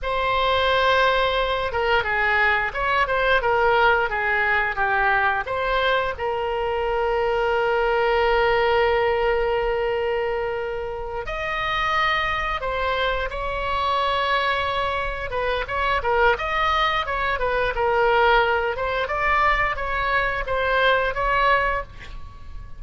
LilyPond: \new Staff \with { instrumentName = "oboe" } { \time 4/4 \tempo 4 = 88 c''2~ c''8 ais'8 gis'4 | cis''8 c''8 ais'4 gis'4 g'4 | c''4 ais'2.~ | ais'1~ |
ais'8 dis''2 c''4 cis''8~ | cis''2~ cis''8 b'8 cis''8 ais'8 | dis''4 cis''8 b'8 ais'4. c''8 | d''4 cis''4 c''4 cis''4 | }